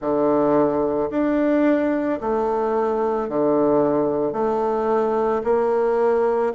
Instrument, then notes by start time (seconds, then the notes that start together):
bassoon
0.00 D3
1.10 D4
2.20 A3
3.28 D3
4.32 A3
5.43 A#3